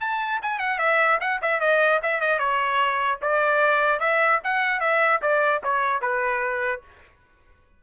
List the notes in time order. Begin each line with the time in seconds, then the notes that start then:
0.00 A5
0.42 G#5
0.59 F#5
0.78 E5
1.20 F#5
1.42 E5
1.60 D#5
2.02 E5
2.20 D#5
2.39 C#5
3.22 D5
3.99 E5
4.43 F#5
4.80 E5
5.21 D5
5.63 C#5
6.01 B4